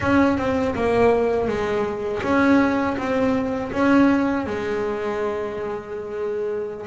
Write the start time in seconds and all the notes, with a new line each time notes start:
0.00 C#4
0.37 C4
0.75 A#3
1.48 G#3
2.22 C#4
2.97 C4
3.72 C#4
4.46 G#3